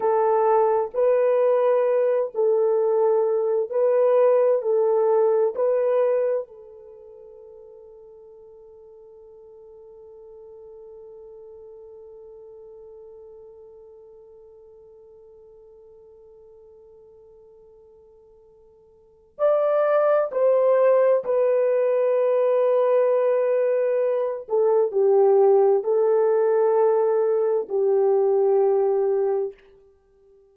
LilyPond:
\new Staff \with { instrumentName = "horn" } { \time 4/4 \tempo 4 = 65 a'4 b'4. a'4. | b'4 a'4 b'4 a'4~ | a'1~ | a'1~ |
a'1~ | a'4 d''4 c''4 b'4~ | b'2~ b'8 a'8 g'4 | a'2 g'2 | }